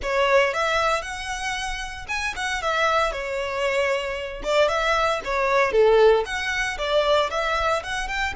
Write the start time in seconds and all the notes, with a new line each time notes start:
0.02 C#5
0.53 E5
1.02 F#5
2.08 G#5
2.36 F#5
2.62 E5
3.11 C#5
4.43 D5
4.68 E5
5.24 C#5
5.72 A4
6.25 F#5
6.78 D5
7.30 E5
7.83 F#5
8.08 G5